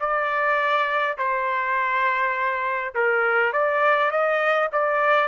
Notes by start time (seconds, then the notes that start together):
0.00 D5
1.18 C5
2.95 A#4
3.53 D5
4.11 D#5
4.73 D5